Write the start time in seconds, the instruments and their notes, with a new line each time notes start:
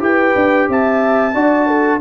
0.00 tuba E4, trombone G4, horn B4, trumpet G5
0.36 tuba D4
0.69 tuba C4, horn E5, trumpet A5
1.35 tuba D4, trombone F#4, horn D5
1.67 horn A4